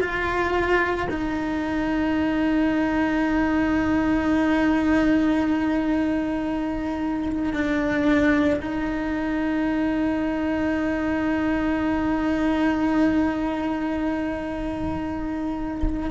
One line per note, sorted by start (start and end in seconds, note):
0.00 1.07 F4
1.10 7.53 D#4
7.53 8.60 D4
8.60 16.10 D#4